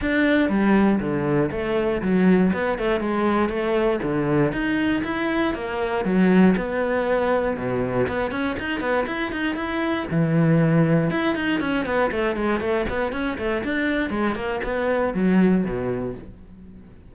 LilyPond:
\new Staff \with { instrumentName = "cello" } { \time 4/4 \tempo 4 = 119 d'4 g4 d4 a4 | fis4 b8 a8 gis4 a4 | d4 dis'4 e'4 ais4 | fis4 b2 b,4 |
b8 cis'8 dis'8 b8 e'8 dis'8 e'4 | e2 e'8 dis'8 cis'8 b8 | a8 gis8 a8 b8 cis'8 a8 d'4 | gis8 ais8 b4 fis4 b,4 | }